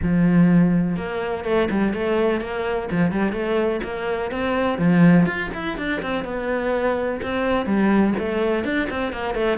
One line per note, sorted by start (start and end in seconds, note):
0.02 0.96 F3
0.96 1.44 A#3
1.44 1.68 A3
1.70 1.93 G3
1.93 2.40 A3
2.40 2.88 A#3
2.91 3.11 F3
3.11 3.32 G3
3.32 3.80 A3
3.83 4.31 A#3
4.31 4.78 C4
4.78 5.26 F3
5.26 5.50 F4
5.54 5.77 E4
5.77 6.01 D4
6.02 6.24 C4
6.24 7.20 B3
7.22 7.66 C4
7.66 8.14 G3
8.18 8.64 A3
8.64 8.88 D4
8.90 9.12 C4
9.12 9.34 A#3
9.34 9.58 A3